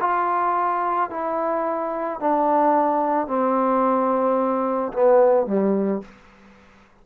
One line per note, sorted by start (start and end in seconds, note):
0.00 1.10 F4
1.10 2.20 E4
2.20 3.28 D4
3.28 4.93 C4
4.93 5.46 B3
5.46 6.02 G3